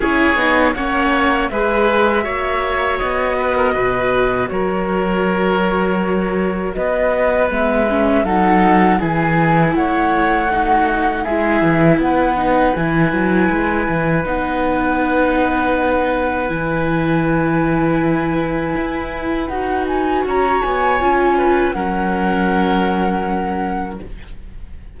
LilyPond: <<
  \new Staff \with { instrumentName = "flute" } { \time 4/4 \tempo 4 = 80 cis''4 fis''4 e''2 | dis''2 cis''2~ | cis''4 dis''4 e''4 fis''4 | gis''4 fis''2 e''4 |
fis''4 gis''2 fis''4~ | fis''2 gis''2~ | gis''2 fis''8 gis''8 ais''8 gis''8~ | gis''4 fis''2. | }
  \new Staff \with { instrumentName = "oboe" } { \time 4/4 gis'4 cis''4 b'4 cis''4~ | cis''8 b'16 ais'16 b'4 ais'2~ | ais'4 b'2 a'4 | gis'4 cis''4 fis'4 gis'4 |
b'1~ | b'1~ | b'2. cis''4~ | cis''8 b'8 ais'2. | }
  \new Staff \with { instrumentName = "viola" } { \time 4/4 e'8 dis'8 cis'4 gis'4 fis'4~ | fis'1~ | fis'2 b8 cis'8 dis'4 | e'2 dis'4 e'4~ |
e'8 dis'8 e'2 dis'4~ | dis'2 e'2~ | e'2 fis'2 | f'4 cis'2. | }
  \new Staff \with { instrumentName = "cello" } { \time 4/4 cis'8 b8 ais4 gis4 ais4 | b4 b,4 fis2~ | fis4 b4 gis4 fis4 | e4 a2 gis8 e8 |
b4 e8 fis8 gis8 e8 b4~ | b2 e2~ | e4 e'4 dis'4 cis'8 b8 | cis'4 fis2. | }
>>